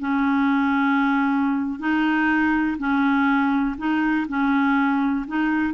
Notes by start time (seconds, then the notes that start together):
0.00 C#4
1.80 D#4
2.78 C#4
3.78 D#4
4.28 C#4
5.27 D#4